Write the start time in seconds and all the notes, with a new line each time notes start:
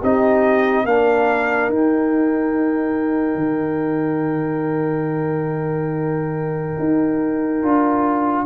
0.00 C4 D#4 G4 D#5
0.85 A#3 D4 A#4 F5
1.69 D#4 G5
3.35 D#3
6.79 D#4
7.63 D4 F4